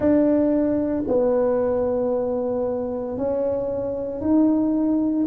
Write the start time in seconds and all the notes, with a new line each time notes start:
0.00 D4
1.07 B3
3.17 C#4
4.21 D#4